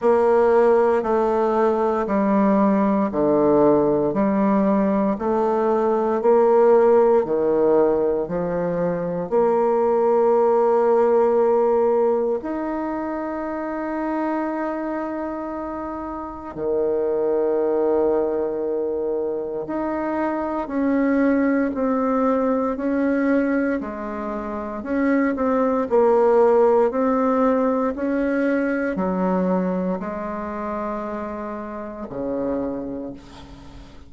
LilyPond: \new Staff \with { instrumentName = "bassoon" } { \time 4/4 \tempo 4 = 58 ais4 a4 g4 d4 | g4 a4 ais4 dis4 | f4 ais2. | dis'1 |
dis2. dis'4 | cis'4 c'4 cis'4 gis4 | cis'8 c'8 ais4 c'4 cis'4 | fis4 gis2 cis4 | }